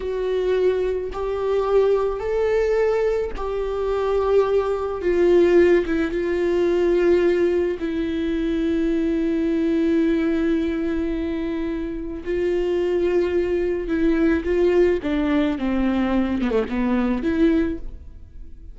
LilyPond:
\new Staff \with { instrumentName = "viola" } { \time 4/4 \tempo 4 = 108 fis'2 g'2 | a'2 g'2~ | g'4 f'4. e'8 f'4~ | f'2 e'2~ |
e'1~ | e'2 f'2~ | f'4 e'4 f'4 d'4 | c'4. b16 a16 b4 e'4 | }